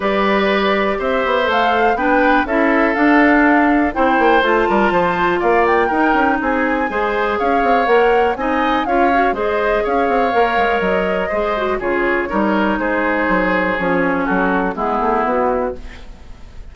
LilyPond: <<
  \new Staff \with { instrumentName = "flute" } { \time 4/4 \tempo 4 = 122 d''2 e''4 f''4 | g''4 e''4 f''2 | g''4 a''2 f''8 g''8~ | g''4 gis''2 f''4 |
fis''4 gis''4 f''4 dis''4 | f''2 dis''2 | cis''2 c''2 | cis''4 a'4 gis'4 fis'4 | }
  \new Staff \with { instrumentName = "oboe" } { \time 4/4 b'2 c''2 | b'4 a'2. | c''4. ais'8 c''4 d''4 | ais'4 gis'4 c''4 cis''4~ |
cis''4 dis''4 cis''4 c''4 | cis''2. c''4 | gis'4 ais'4 gis'2~ | gis'4 fis'4 e'2 | }
  \new Staff \with { instrumentName = "clarinet" } { \time 4/4 g'2. a'4 | d'4 e'4 d'2 | e'4 f'2. | dis'2 gis'2 |
ais'4 dis'4 f'8 fis'8 gis'4~ | gis'4 ais'2 gis'8 fis'8 | f'4 dis'2. | cis'2 b2 | }
  \new Staff \with { instrumentName = "bassoon" } { \time 4/4 g2 c'8 b8 a4 | b4 cis'4 d'2 | c'8 ais8 a8 g8 f4 ais4 | dis'8 cis'8 c'4 gis4 cis'8 c'8 |
ais4 c'4 cis'4 gis4 | cis'8 c'8 ais8 gis8 fis4 gis4 | cis4 g4 gis4 fis4 | f4 fis4 gis8 a8 b4 | }
>>